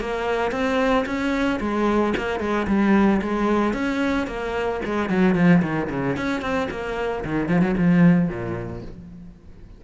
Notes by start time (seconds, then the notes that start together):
0.00 A#3
0.51 C4
1.05 C#4
1.60 G#3
2.17 A#3
2.39 G#3
2.67 G3
3.21 G#3
3.73 C#4
4.27 A#3
4.85 G#3
5.09 F#3
5.35 F3
5.62 D#3
5.90 C#3
6.16 C#4
6.41 C4
6.70 A#3
7.24 D#3
7.48 F3
7.61 F#3
7.77 F3
8.28 A#2